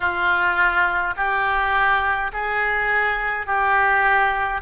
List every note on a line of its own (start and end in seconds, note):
0.00 1.14 F4
1.16 2.31 G4
2.32 3.46 G#4
3.46 4.61 G4